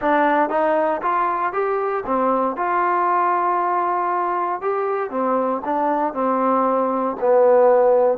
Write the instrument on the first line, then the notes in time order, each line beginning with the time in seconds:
trombone
0.01 D4
0.49 D#4
1.02 F4
1.52 G4
2.05 C4
2.56 F4
4.61 G4
5.10 C4
5.65 D4
6.13 C4
7.20 B3